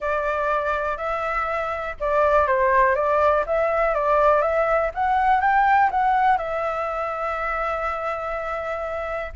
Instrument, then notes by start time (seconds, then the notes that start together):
flute
0.00 D5
0.97 E5
2.00 D5
2.47 C5
2.95 D5
3.46 E5
3.94 D5
4.41 E5
4.94 F#5
5.41 G5
5.91 F#5
6.37 E5